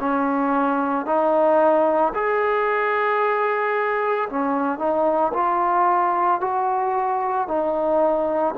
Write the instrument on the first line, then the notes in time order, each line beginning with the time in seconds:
trombone
0.00 C#4
1.06 D#4
2.15 G#4
4.30 C#4
4.79 D#4
5.34 F4
6.41 F#4
7.48 D#4